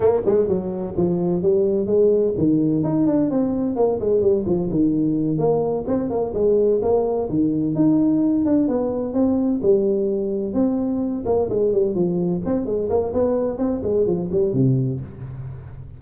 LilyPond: \new Staff \with { instrumentName = "tuba" } { \time 4/4 \tempo 4 = 128 ais8 gis8 fis4 f4 g4 | gis4 dis4 dis'8 d'8 c'4 | ais8 gis8 g8 f8 dis4. ais8~ | ais8 c'8 ais8 gis4 ais4 dis8~ |
dis8 dis'4. d'8 b4 c'8~ | c'8 g2 c'4. | ais8 gis8 g8 f4 c'8 gis8 ais8 | b4 c'8 gis8 f8 g8 c4 | }